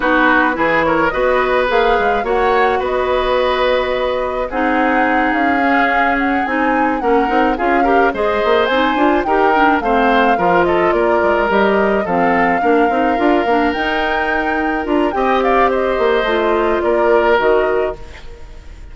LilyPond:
<<
  \new Staff \with { instrumentName = "flute" } { \time 4/4 \tempo 4 = 107 b'4. cis''8 dis''4 f''4 | fis''4 dis''2. | fis''4. f''4. fis''8 gis''8~ | gis''8 fis''4 f''4 dis''4 gis''8~ |
gis''8 g''4 f''4. dis''8 d''8~ | d''8 dis''4 f''2~ f''8~ | f''8 g''2 ais''8 g''8 f''8 | dis''2 d''4 dis''4 | }
  \new Staff \with { instrumentName = "oboe" } { \time 4/4 fis'4 gis'8 ais'8 b'2 | cis''4 b'2. | gis'1~ | gis'8 ais'4 gis'8 ais'8 c''4.~ |
c''8 ais'4 c''4 ais'8 a'8 ais'8~ | ais'4. a'4 ais'4.~ | ais'2. dis''8 d''8 | c''2 ais'2 | }
  \new Staff \with { instrumentName = "clarinet" } { \time 4/4 dis'4 e'4 fis'4 gis'4 | fis'1 | dis'2 cis'4. dis'8~ | dis'8 cis'8 dis'8 f'8 g'8 gis'4 dis'8 |
f'8 g'8 d'8 c'4 f'4.~ | f'8 g'4 c'4 d'8 dis'8 f'8 | d'8 dis'2 f'8 g'4~ | g'4 f'2 fis'4 | }
  \new Staff \with { instrumentName = "bassoon" } { \time 4/4 b4 e4 b4 ais8 gis8 | ais4 b2. | c'4. cis'2 c'8~ | c'8 ais8 c'8 cis'4 gis8 ais8 c'8 |
d'8 dis'4 a4 f4 ais8 | gis8 g4 f4 ais8 c'8 d'8 | ais8 dis'2 d'8 c'4~ | c'8 ais8 a4 ais4 dis4 | }
>>